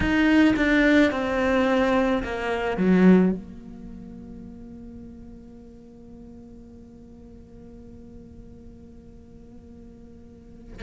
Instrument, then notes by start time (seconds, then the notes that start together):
cello
0.00 D#4
0.56 D4
1.11 C4
2.23 A#3
2.77 F#3
3.31 A#3